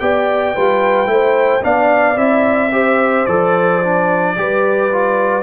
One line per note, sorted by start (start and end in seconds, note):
0.00 0.56 B3
0.00 0.55 G4
0.00 0.56 D5
0.00 1.64 G5
0.55 1.07 G3
0.55 1.06 F4
0.55 1.10 B4
1.06 1.61 A3
1.06 1.61 E4
1.06 1.64 C5
1.62 2.16 B3
1.62 2.16 D4
1.62 2.73 D5
1.62 2.18 F5
2.16 3.25 C4
2.16 2.71 E4
2.16 3.26 E5
2.72 3.27 G4
2.72 4.37 C5
3.26 4.37 F3
3.26 3.83 A4
3.26 5.43 D5
3.84 4.37 D4
4.37 5.43 G3
4.37 4.91 G4
4.37 5.43 B4
4.93 5.43 F4